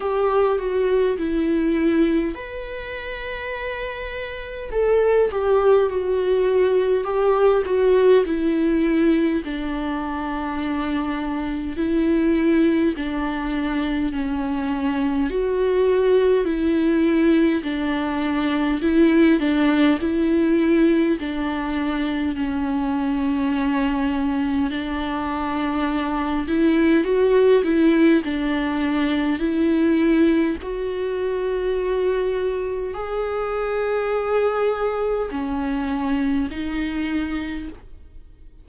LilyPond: \new Staff \with { instrumentName = "viola" } { \time 4/4 \tempo 4 = 51 g'8 fis'8 e'4 b'2 | a'8 g'8 fis'4 g'8 fis'8 e'4 | d'2 e'4 d'4 | cis'4 fis'4 e'4 d'4 |
e'8 d'8 e'4 d'4 cis'4~ | cis'4 d'4. e'8 fis'8 e'8 | d'4 e'4 fis'2 | gis'2 cis'4 dis'4 | }